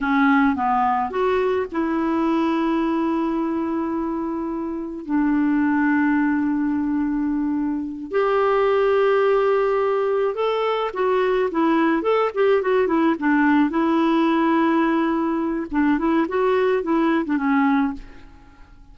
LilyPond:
\new Staff \with { instrumentName = "clarinet" } { \time 4/4 \tempo 4 = 107 cis'4 b4 fis'4 e'4~ | e'1~ | e'4 d'2.~ | d'2~ d'8 g'4.~ |
g'2~ g'8 a'4 fis'8~ | fis'8 e'4 a'8 g'8 fis'8 e'8 d'8~ | d'8 e'2.~ e'8 | d'8 e'8 fis'4 e'8. d'16 cis'4 | }